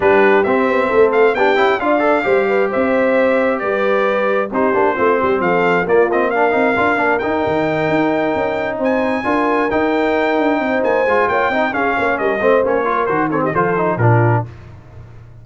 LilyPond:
<<
  \new Staff \with { instrumentName = "trumpet" } { \time 4/4 \tempo 4 = 133 b'4 e''4. f''8 g''4 | f''2 e''2 | d''2 c''2 | f''4 d''8 dis''8 f''2 |
g''2.~ g''8 gis''8~ | gis''4. g''2~ g''8 | gis''4 g''4 f''4 dis''4 | cis''4 c''8 cis''16 dis''16 c''4 ais'4 | }
  \new Staff \with { instrumentName = "horn" } { \time 4/4 g'2 a'4 g'4 | d''4 c''8 b'8 c''2 | b'2 g'4 f'8 g'8 | a'4 f'4 ais'2~ |
ais'2.~ ais'8 c''8~ | c''8 ais'2. c''8~ | c''4 cis''8 dis''8 gis'8 cis''8 ais'8 c''8~ | c''8 ais'4 a'16 g'16 a'4 f'4 | }
  \new Staff \with { instrumentName = "trombone" } { \time 4/4 d'4 c'2 d'8 e'8 | f'8 a'8 g'2.~ | g'2 dis'8 d'8 c'4~ | c'4 ais8 c'8 d'8 dis'8 f'8 d'8 |
dis'1~ | dis'8 f'4 dis'2~ dis'8~ | dis'8 f'4 dis'8 cis'4. c'8 | cis'8 f'8 fis'8 c'8 f'8 dis'8 d'4 | }
  \new Staff \with { instrumentName = "tuba" } { \time 4/4 g4 c'8 b8 a4 b8 cis'8 | d'4 g4 c'2 | g2 c'8 ais8 a8 g8 | f4 ais4. c'8 d'8 ais8 |
dis'8 dis4 dis'4 cis'4 c'8~ | c'8 d'4 dis'4. d'8 c'8 | ais8 gis8 ais8 c'8 cis'8 ais8 g8 a8 | ais4 dis4 f4 ais,4 | }
>>